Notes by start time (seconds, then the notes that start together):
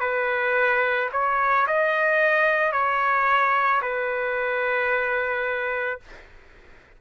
0.00 B4
1.12 C#5
1.67 D#5
2.72 C#5
3.81 B4